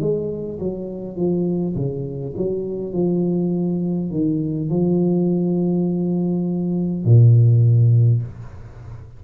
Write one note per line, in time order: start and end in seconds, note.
0.00 0.59 G#3
0.60 1.17 F#3
1.17 1.75 F3
1.76 2.35 C#3
2.37 2.94 F#3
2.94 4.11 F3
4.11 4.70 D#3
4.70 7.05 F3
7.05 8.23 A#2